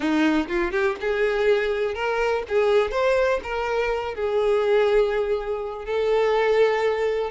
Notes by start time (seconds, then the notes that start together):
0.00 D#4
0.47 F4
0.71 G4
1.00 G#4
1.94 A#4
2.48 G#4
2.91 C5
3.43 A#4
4.14 G#4
5.85 A4